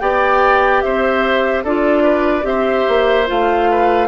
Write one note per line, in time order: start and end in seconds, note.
0.00 0.83 B3
0.00 1.66 G4
0.00 0.84 D5
0.00 0.82 G5
0.82 1.65 C4
0.82 1.64 C5
0.82 1.64 E5
1.64 2.44 D4
1.64 2.43 F4
1.64 2.03 A4
1.64 2.46 D5
2.03 2.45 B4
2.43 2.85 C4
2.43 3.25 G4
2.43 3.71 C5
2.43 3.28 E5
2.88 3.29 A#3
3.27 4.08 A3
3.27 4.08 F4
3.27 4.08 F5
3.71 4.08 B4